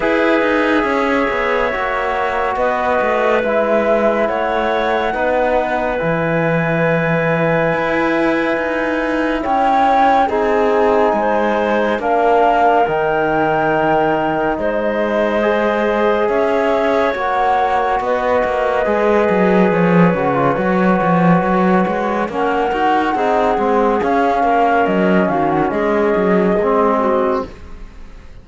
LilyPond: <<
  \new Staff \with { instrumentName = "flute" } { \time 4/4 \tempo 4 = 70 e''2. dis''4 | e''4 fis''2 gis''4~ | gis''2. g''4 | gis''2 f''4 g''4~ |
g''4 dis''2 e''4 | fis''4 dis''2 cis''4~ | cis''2 fis''2 | f''4 dis''8 f''16 fis''16 dis''2 | }
  \new Staff \with { instrumentName = "clarinet" } { \time 4/4 b'4 cis''2 b'4~ | b'4 cis''4 b'2~ | b'2. cis''4 | gis'4 c''4 ais'2~ |
ais'4 c''2 cis''4~ | cis''4 b'2.~ | b'2 ais'4 gis'4~ | gis'8 ais'4 fis'8 gis'4. fis'8 | }
  \new Staff \with { instrumentName = "trombone" } { \time 4/4 gis'2 fis'2 | e'2 dis'4 e'4~ | e'1 | dis'2 d'4 dis'4~ |
dis'2 gis'2 | fis'2 gis'4. fis'16 f'16 | fis'2 cis'8 fis'8 dis'8 c'8 | cis'2. c'4 | }
  \new Staff \with { instrumentName = "cello" } { \time 4/4 e'8 dis'8 cis'8 b8 ais4 b8 a8 | gis4 a4 b4 e4~ | e4 e'4 dis'4 cis'4 | c'4 gis4 ais4 dis4~ |
dis4 gis2 cis'4 | ais4 b8 ais8 gis8 fis8 f8 cis8 | fis8 f8 fis8 gis8 ais8 dis'8 c'8 gis8 | cis'8 ais8 fis8 dis8 gis8 fis8 gis4 | }
>>